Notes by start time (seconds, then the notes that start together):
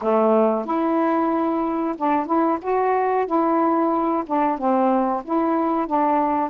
0.01 A3
0.65 E4
1.97 D4
2.26 E4
2.61 F#4
3.26 E4
4.26 D4
4.58 C4
5.24 E4
5.87 D4